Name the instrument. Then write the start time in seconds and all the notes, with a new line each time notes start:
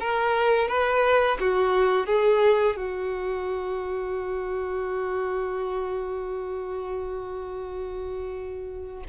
violin
0.00 A#4
0.68 B4
1.40 F#4
2.06 G#4
2.76 F#4